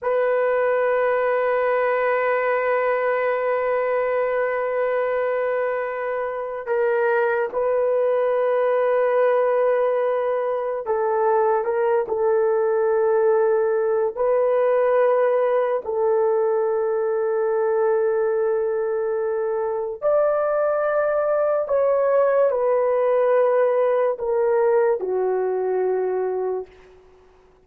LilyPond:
\new Staff \with { instrumentName = "horn" } { \time 4/4 \tempo 4 = 72 b'1~ | b'1 | ais'4 b'2.~ | b'4 a'4 ais'8 a'4.~ |
a'4 b'2 a'4~ | a'1 | d''2 cis''4 b'4~ | b'4 ais'4 fis'2 | }